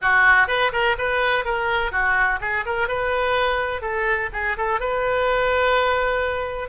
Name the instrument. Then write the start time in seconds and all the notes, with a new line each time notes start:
oboe
0.01 F#4
0.47 B4
0.72 A#4
0.97 B4
1.44 A#4
1.91 F#4
2.40 G#4
2.65 A#4
2.88 B4
3.81 A4
4.32 G#4
4.57 A4
4.79 B4